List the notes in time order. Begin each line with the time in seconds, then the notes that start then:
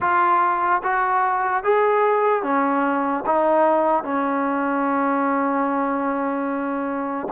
0.00 F4
0.83 F#4
1.63 G#4
2.43 C#4
3.26 D#4
4.03 C#4